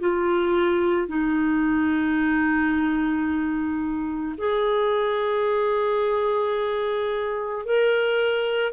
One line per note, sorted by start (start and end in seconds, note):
0.00 1.08 F4
1.08 4.35 D#4
4.38 7.66 G#4
7.66 8.73 A#4